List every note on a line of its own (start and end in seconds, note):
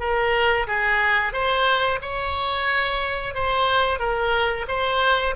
0.00 0.67 A#4
0.67 1.32 G#4
1.32 1.99 C5
2.02 3.34 C#5
3.34 3.99 C5
3.99 4.66 A#4
4.68 5.35 C5